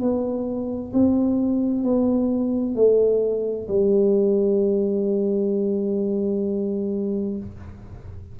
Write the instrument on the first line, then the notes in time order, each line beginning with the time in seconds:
tuba
0.00 B3
0.93 C4
1.83 B3
2.75 A3
3.68 G3